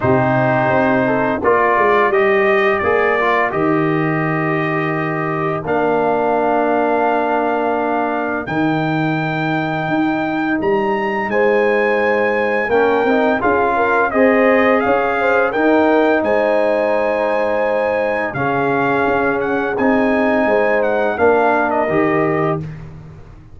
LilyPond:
<<
  \new Staff \with { instrumentName = "trumpet" } { \time 4/4 \tempo 4 = 85 c''2 d''4 dis''4 | d''4 dis''2. | f''1 | g''2. ais''4 |
gis''2 g''4 f''4 | dis''4 f''4 g''4 gis''4~ | gis''2 f''4. fis''8 | gis''4. fis''8 f''8. dis''4~ dis''16 | }
  \new Staff \with { instrumentName = "horn" } { \time 4/4 g'4. a'8 ais'2~ | ais'1~ | ais'1~ | ais'1 |
c''2 ais'4 gis'8 ais'8 | c''4 cis''8 c''8 ais'4 c''4~ | c''2 gis'2~ | gis'4 c''4 ais'2 | }
  \new Staff \with { instrumentName = "trombone" } { \time 4/4 dis'2 f'4 g'4 | gis'8 f'8 g'2. | d'1 | dis'1~ |
dis'2 cis'8 dis'8 f'4 | gis'2 dis'2~ | dis'2 cis'2 | dis'2 d'4 g'4 | }
  \new Staff \with { instrumentName = "tuba" } { \time 4/4 c4 c'4 ais8 gis8 g4 | ais4 dis2. | ais1 | dis2 dis'4 g4 |
gis2 ais8 c'8 cis'4 | c'4 cis'4 dis'4 gis4~ | gis2 cis4 cis'4 | c'4 gis4 ais4 dis4 | }
>>